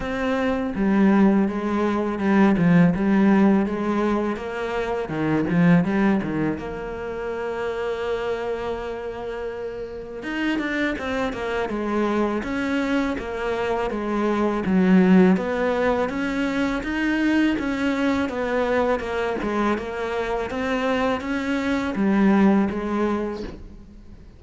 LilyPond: \new Staff \with { instrumentName = "cello" } { \time 4/4 \tempo 4 = 82 c'4 g4 gis4 g8 f8 | g4 gis4 ais4 dis8 f8 | g8 dis8 ais2.~ | ais2 dis'8 d'8 c'8 ais8 |
gis4 cis'4 ais4 gis4 | fis4 b4 cis'4 dis'4 | cis'4 b4 ais8 gis8 ais4 | c'4 cis'4 g4 gis4 | }